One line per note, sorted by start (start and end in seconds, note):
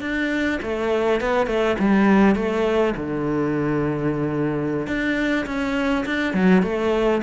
0.00 0.59 D4
0.61 1.20 A3
1.20 1.46 B3
1.46 1.75 A3
1.78 2.35 G3
2.35 2.94 A3
2.96 4.87 D3
4.87 5.45 D4
5.46 6.05 C#4
6.05 6.33 D4
6.33 6.62 F#3
6.62 7.21 A3